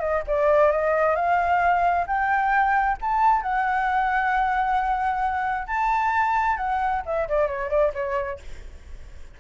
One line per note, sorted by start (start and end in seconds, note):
0.00 0.23 D#5
0.27 0.72 D5
0.72 1.15 D#5
1.15 2.06 F5
2.07 2.97 G5
3.01 3.42 A5
3.42 5.67 F#5
5.67 6.57 A5
6.57 7.02 F#5
7.06 7.28 E5
7.28 7.47 D5
7.47 7.70 C#5
7.70 7.92 D5
7.94 8.39 C#5